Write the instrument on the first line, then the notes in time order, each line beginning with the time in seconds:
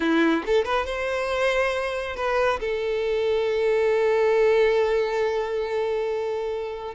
violin
0.00 E4
0.46 A4
0.64 B4
0.86 C5
2.16 B4
2.60 A4